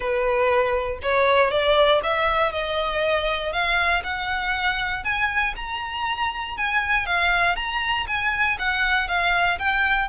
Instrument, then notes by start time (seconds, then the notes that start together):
violin
0.00 B4
1.02 C#5
1.51 D5
2.03 E5
2.52 D#5
3.52 F5
4.03 F#5
5.04 G#5
5.56 A#5
6.57 G#5
7.05 F5
7.56 A#5
8.07 G#5
8.58 F#5
9.08 F5
9.58 G5